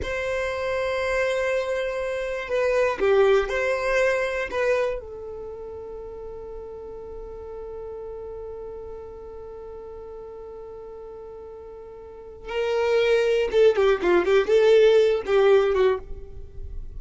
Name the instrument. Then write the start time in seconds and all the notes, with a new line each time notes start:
violin
0.02 C5
2.49 B4
2.99 G4
3.49 C5
4.50 B4
5.00 A4
12.48 A#4
13.51 A4
13.75 G4
14.02 F4
14.25 G4
14.47 A4
15.25 G4
15.74 F#4